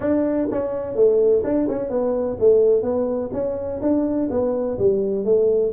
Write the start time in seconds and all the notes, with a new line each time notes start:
0.00 D4
0.51 C#4
0.95 A3
1.44 D4
1.68 C#4
1.89 B3
2.39 A3
2.82 B3
3.32 C#4
3.81 D4
4.30 B3
4.78 G3
5.24 A3